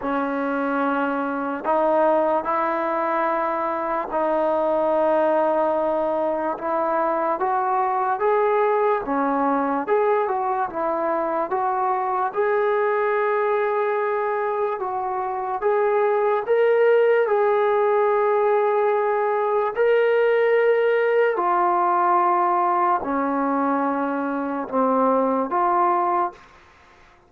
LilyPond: \new Staff \with { instrumentName = "trombone" } { \time 4/4 \tempo 4 = 73 cis'2 dis'4 e'4~ | e'4 dis'2. | e'4 fis'4 gis'4 cis'4 | gis'8 fis'8 e'4 fis'4 gis'4~ |
gis'2 fis'4 gis'4 | ais'4 gis'2. | ais'2 f'2 | cis'2 c'4 f'4 | }